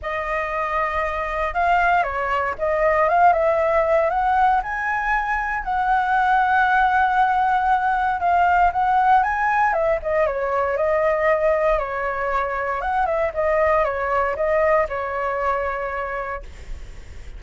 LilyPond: \new Staff \with { instrumentName = "flute" } { \time 4/4 \tempo 4 = 117 dis''2. f''4 | cis''4 dis''4 f''8 e''4. | fis''4 gis''2 fis''4~ | fis''1 |
f''4 fis''4 gis''4 e''8 dis''8 | cis''4 dis''2 cis''4~ | cis''4 fis''8 e''8 dis''4 cis''4 | dis''4 cis''2. | }